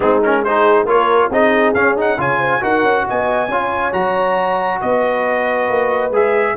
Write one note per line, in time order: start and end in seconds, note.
0.00 0.84 G#3
0.00 0.21 C4
0.00 0.42 D#4
0.00 0.22 G#4
0.23 0.46 C#4
0.23 0.44 A#4
0.44 0.86 D#4
0.44 0.89 G#4
0.44 0.87 C5
0.84 1.28 A#3
0.84 1.30 F4
0.84 1.30 A#4
0.84 1.31 C#5
1.30 1.74 C4
1.30 1.75 D#4
1.30 2.18 G#4
1.30 1.74 D#5
1.74 2.17 C#4
1.74 1.96 C#4
1.74 1.96 F5
1.96 2.17 D#4
1.96 2.20 F#5
2.17 2.61 C#3
2.17 2.60 F4
2.17 2.39 C#5
2.17 2.63 G#5
2.39 2.60 C5
2.60 2.82 D#4
2.60 3.48 F#4
2.60 3.05 A#4
2.60 3.07 F#5
2.82 3.04 C#4
3.08 3.48 B3
3.08 3.48 D#5
3.08 3.93 G#5
3.48 3.92 C#4
3.48 3.92 F4
3.48 4.79 C#5
3.92 4.81 F#3
3.92 6.11 F#4
3.92 4.80 A#5
4.80 5.69 B3
4.80 6.55 B4
4.80 6.12 D#5
5.69 6.10 A#3
6.10 6.54 G#3
6.10 6.56 G#4
6.10 6.56 E5